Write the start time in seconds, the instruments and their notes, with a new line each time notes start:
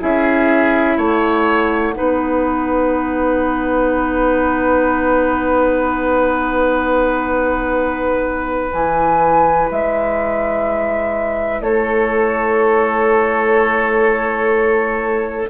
0.00 bassoon C#4, clarinet E4, oboe G#4, flute E5
0.98 bassoon A3, oboe C#5, flute F#5
1.94 bassoon B3, clarinet D#4, oboe B4
8.70 bassoon E3, clarinet E4, flute G#5
9.71 bassoon G#3, flute E5
11.61 bassoon A3, oboe A4, flute C#5